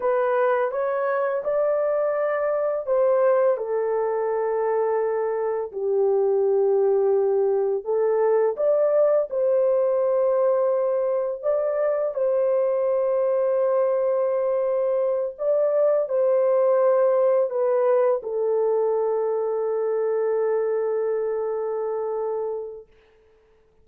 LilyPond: \new Staff \with { instrumentName = "horn" } { \time 4/4 \tempo 4 = 84 b'4 cis''4 d''2 | c''4 a'2. | g'2. a'4 | d''4 c''2. |
d''4 c''2.~ | c''4. d''4 c''4.~ | c''8 b'4 a'2~ a'8~ | a'1 | }